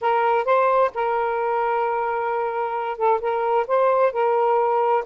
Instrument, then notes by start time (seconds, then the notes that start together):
saxophone
0.01 A#4
0.45 C5
0.94 A#4
2.97 A4
3.20 A#4
3.67 C5
4.12 A#4